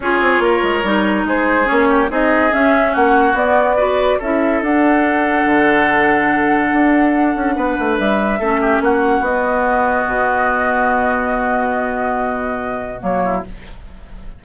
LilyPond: <<
  \new Staff \with { instrumentName = "flute" } { \time 4/4 \tempo 4 = 143 cis''2. c''4 | cis''4 dis''4 e''4 fis''4 | d''2 e''4 fis''4~ | fis''1~ |
fis''2. e''4~ | e''4 fis''4 dis''2~ | dis''1~ | dis''2. cis''4 | }
  \new Staff \with { instrumentName = "oboe" } { \time 4/4 gis'4 ais'2 gis'4~ | gis'8 g'8 gis'2 fis'4~ | fis'4 b'4 a'2~ | a'1~ |
a'2 b'2 | a'8 g'8 fis'2.~ | fis'1~ | fis'2.~ fis'8 e'8 | }
  \new Staff \with { instrumentName = "clarinet" } { \time 4/4 f'2 dis'2 | cis'4 dis'4 cis'2 | b4 fis'4 e'4 d'4~ | d'1~ |
d'1 | cis'2 b2~ | b1~ | b2. ais4 | }
  \new Staff \with { instrumentName = "bassoon" } { \time 4/4 cis'8 c'8 ais8 gis8 g4 gis4 | ais4 c'4 cis'4 ais4 | b2 cis'4 d'4~ | d'4 d2. |
d'4. cis'8 b8 a8 g4 | a4 ais4 b2 | b,1~ | b,2. fis4 | }
>>